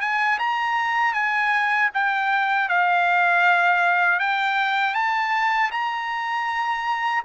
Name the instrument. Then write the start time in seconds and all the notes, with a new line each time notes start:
trumpet
0.00 G#5
0.39 A#5
1.14 G#5
1.94 G5
2.69 F5
4.19 G5
4.94 A5
5.71 A#5